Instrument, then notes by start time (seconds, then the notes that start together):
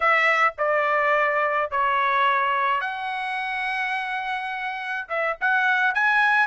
trumpet
0.00 E5
0.58 D5
1.71 C#5
2.80 F#5
5.08 E5
5.40 F#5
5.94 G#5